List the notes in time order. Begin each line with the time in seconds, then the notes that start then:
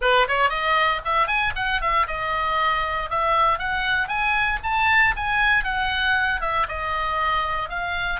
0.01 B4
0.28 C#5
0.49 D#5
1.04 E5
1.27 G#5
1.55 F#5
1.81 E5
2.07 D#5
3.10 E5
3.58 F#5
4.08 G#5
4.63 A5
5.16 G#5
5.63 F#5
6.41 E5
6.68 D#5
7.69 F5